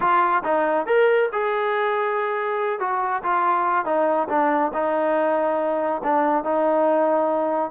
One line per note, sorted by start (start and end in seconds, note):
0.00 0.42 F4
0.44 0.86 D#4
0.86 1.29 A#4
1.32 2.79 G#4
2.79 3.22 F#4
3.23 3.85 F4
3.85 4.27 D#4
4.29 4.71 D4
4.73 6.02 D#4
6.03 6.44 D4
6.44 7.70 D#4